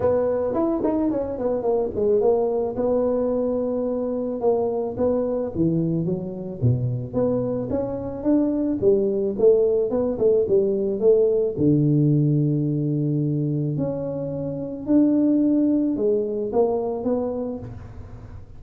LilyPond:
\new Staff \with { instrumentName = "tuba" } { \time 4/4 \tempo 4 = 109 b4 e'8 dis'8 cis'8 b8 ais8 gis8 | ais4 b2. | ais4 b4 e4 fis4 | b,4 b4 cis'4 d'4 |
g4 a4 b8 a8 g4 | a4 d2.~ | d4 cis'2 d'4~ | d'4 gis4 ais4 b4 | }